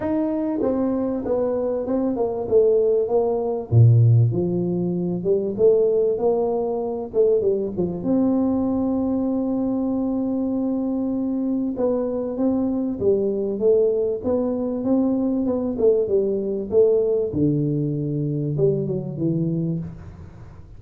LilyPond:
\new Staff \with { instrumentName = "tuba" } { \time 4/4 \tempo 4 = 97 dis'4 c'4 b4 c'8 ais8 | a4 ais4 ais,4 f4~ | f8 g8 a4 ais4. a8 | g8 f8 c'2.~ |
c'2. b4 | c'4 g4 a4 b4 | c'4 b8 a8 g4 a4 | d2 g8 fis8 e4 | }